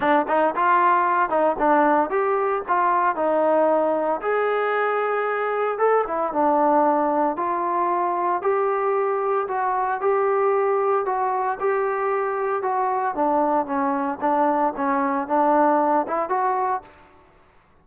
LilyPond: \new Staff \with { instrumentName = "trombone" } { \time 4/4 \tempo 4 = 114 d'8 dis'8 f'4. dis'8 d'4 | g'4 f'4 dis'2 | gis'2. a'8 e'8 | d'2 f'2 |
g'2 fis'4 g'4~ | g'4 fis'4 g'2 | fis'4 d'4 cis'4 d'4 | cis'4 d'4. e'8 fis'4 | }